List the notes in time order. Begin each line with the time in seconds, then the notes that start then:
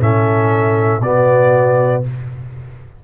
0.00 A2 C#4 A4 E5
1.00 B2 B3 F#4 D5